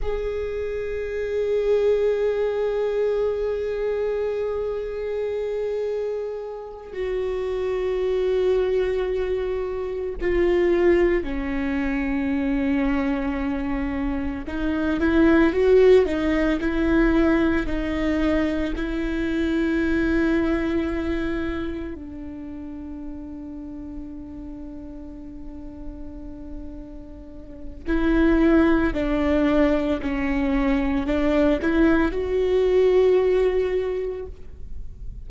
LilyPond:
\new Staff \with { instrumentName = "viola" } { \time 4/4 \tempo 4 = 56 gis'1~ | gis'2~ gis'8 fis'4.~ | fis'4. f'4 cis'4.~ | cis'4. dis'8 e'8 fis'8 dis'8 e'8~ |
e'8 dis'4 e'2~ e'8~ | e'8 d'2.~ d'8~ | d'2 e'4 d'4 | cis'4 d'8 e'8 fis'2 | }